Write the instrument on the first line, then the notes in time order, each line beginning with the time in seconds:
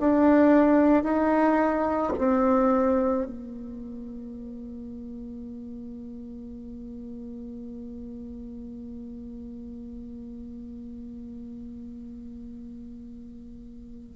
bassoon
0.00 D4
1.03 D#4
2.18 C4
3.26 A#3